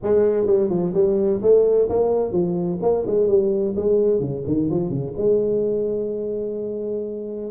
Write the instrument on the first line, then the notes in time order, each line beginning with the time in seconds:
tuba
0.02 G#3
0.46 G3
0.69 F3
0.94 G3
1.42 A3
1.89 A#3
2.31 F3
2.81 A#3
3.06 G#3
3.27 G3
3.76 G#3
4.20 C#3
4.46 D#3
4.70 F3
4.89 C#3
5.17 G#3